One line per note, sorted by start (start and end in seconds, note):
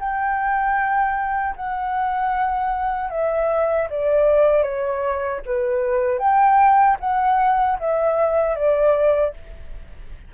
0.00 1.56 G5
1.57 3.11 F#5
3.11 3.89 E5
3.91 4.63 D5
4.63 5.41 C#5
5.46 6.19 B4
6.19 6.97 G5
7.01 7.79 F#5
7.80 8.56 E5
8.56 9.34 D5